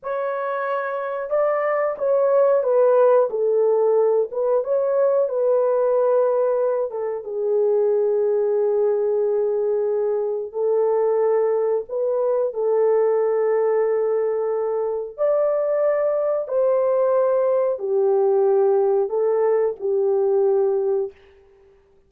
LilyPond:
\new Staff \with { instrumentName = "horn" } { \time 4/4 \tempo 4 = 91 cis''2 d''4 cis''4 | b'4 a'4. b'8 cis''4 | b'2~ b'8 a'8 gis'4~ | gis'1 |
a'2 b'4 a'4~ | a'2. d''4~ | d''4 c''2 g'4~ | g'4 a'4 g'2 | }